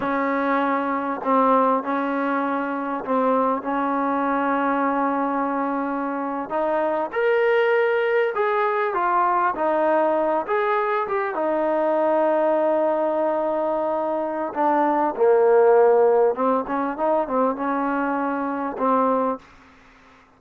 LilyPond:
\new Staff \with { instrumentName = "trombone" } { \time 4/4 \tempo 4 = 99 cis'2 c'4 cis'4~ | cis'4 c'4 cis'2~ | cis'2~ cis'8. dis'4 ais'16~ | ais'4.~ ais'16 gis'4 f'4 dis'16~ |
dis'4~ dis'16 gis'4 g'8 dis'4~ dis'16~ | dis'1 | d'4 ais2 c'8 cis'8 | dis'8 c'8 cis'2 c'4 | }